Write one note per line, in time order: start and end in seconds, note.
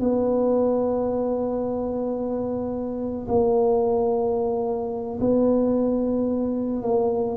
0.00 3.27 B3
3.29 5.20 A#3
5.21 6.83 B3
6.83 7.37 A#3